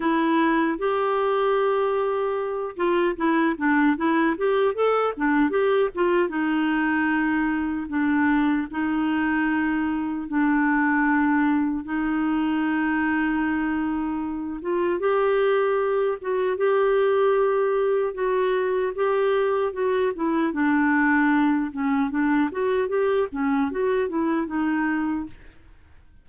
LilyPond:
\new Staff \with { instrumentName = "clarinet" } { \time 4/4 \tempo 4 = 76 e'4 g'2~ g'8 f'8 | e'8 d'8 e'8 g'8 a'8 d'8 g'8 f'8 | dis'2 d'4 dis'4~ | dis'4 d'2 dis'4~ |
dis'2~ dis'8 f'8 g'4~ | g'8 fis'8 g'2 fis'4 | g'4 fis'8 e'8 d'4. cis'8 | d'8 fis'8 g'8 cis'8 fis'8 e'8 dis'4 | }